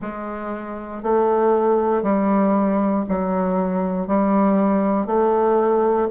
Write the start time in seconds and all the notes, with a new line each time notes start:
0.01 G#3
1.03 A3
2.02 G3
3.08 F#3
4.07 G3
5.06 A3